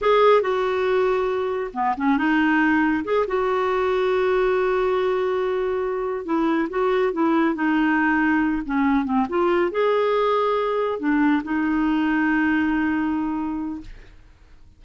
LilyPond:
\new Staff \with { instrumentName = "clarinet" } { \time 4/4 \tempo 4 = 139 gis'4 fis'2. | b8 cis'8 dis'2 gis'8 fis'8~ | fis'1~ | fis'2~ fis'8 e'4 fis'8~ |
fis'8 e'4 dis'2~ dis'8 | cis'4 c'8 f'4 gis'4.~ | gis'4. d'4 dis'4.~ | dis'1 | }